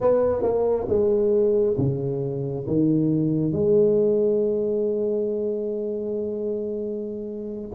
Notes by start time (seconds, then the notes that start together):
0.00 B3
0.42 A#3
0.88 G#3
1.77 C#3
2.67 D#3
3.52 G#3